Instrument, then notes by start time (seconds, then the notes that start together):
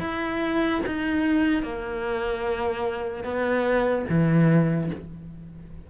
cello
0.00 E4
0.86 D#4
1.63 A#3
3.24 B3
4.09 E3